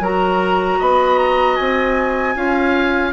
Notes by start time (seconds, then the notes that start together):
0.00 F#3 F#4 A#4 A#5
0.79 B3 D#5 B5
1.19 A#5
1.56 C4 G#5
2.36 C#4 F4 F5